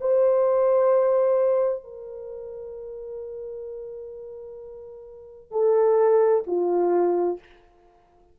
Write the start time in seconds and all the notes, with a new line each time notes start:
0.00 C5
1.83 A#4
5.51 A4
6.47 F4